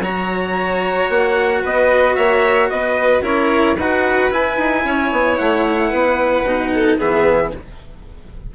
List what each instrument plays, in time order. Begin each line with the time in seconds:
0.00 bassoon F#3, cello F#4, violin C#5, trumpet A#5
1.09 bassoon A#3, trumpet F#5
1.63 bassoon B3, violin B4, trumpet D#5
2.15 bassoon A#3, violin C#5, trumpet E5
2.70 bassoon B3, violin B4, trumpet D#5
3.22 bassoon C#4, cello E4, violin A#4, trumpet C#5
3.76 bassoon D#4, cello F#4, violin B4, trumpet F#5
4.31 bassoon E4, cello E4, trumpet G#5
4.58 bassoon D#4
4.85 bassoon C#4, violin C#5
5.12 bassoon B3
5.38 bassoon A3, trumpet F#5
5.90 bassoon B3, violin B4
6.44 bassoon B2, cello D#4
6.74 violin A4
6.99 bassoon E3, cello B3, violin G#4, trumpet E5